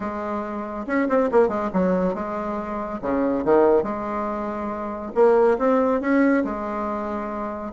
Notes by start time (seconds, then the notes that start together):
0.00 G#3
0.86 C#4
1.08 C4
1.31 A#3
1.48 G#3
1.73 F#3
2.14 G#3
3.01 C#3
3.44 D#3
3.83 G#3
5.14 A#3
5.58 C4
6.00 C#4
6.44 G#3